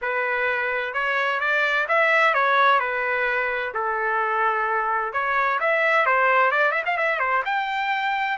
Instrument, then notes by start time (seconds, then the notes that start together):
trumpet
0.01 B4
0.93 C#5
1.40 D5
1.88 E5
2.33 C#5
2.79 B4
3.73 A4
5.12 C#5
5.60 E5
6.06 C5
6.51 D5
6.71 E5
6.85 F5
6.97 E5
7.19 C5
7.45 G5